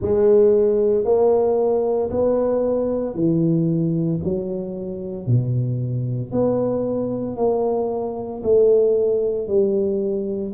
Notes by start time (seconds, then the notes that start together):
0.01 G#3
1.04 A#3
2.10 B3
3.14 E3
4.23 F#3
5.26 B2
6.32 B3
7.36 A#3
8.43 A3
9.47 G3